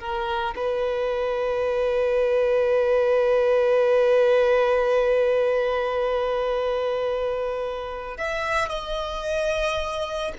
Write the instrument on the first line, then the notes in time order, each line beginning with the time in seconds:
violin
0.00 A#4
0.56 B4
8.18 E5
8.69 D#5